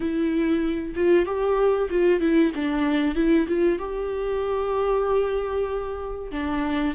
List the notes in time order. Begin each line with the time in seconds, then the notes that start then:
0.00 E4
0.95 F4
1.25 G4
1.89 F4
2.20 E4
2.55 D4
3.15 E4
3.48 F4
3.78 G4
6.31 D4